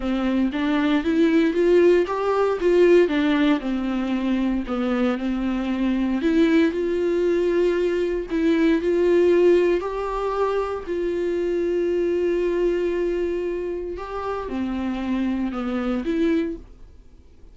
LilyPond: \new Staff \with { instrumentName = "viola" } { \time 4/4 \tempo 4 = 116 c'4 d'4 e'4 f'4 | g'4 f'4 d'4 c'4~ | c'4 b4 c'2 | e'4 f'2. |
e'4 f'2 g'4~ | g'4 f'2.~ | f'2. g'4 | c'2 b4 e'4 | }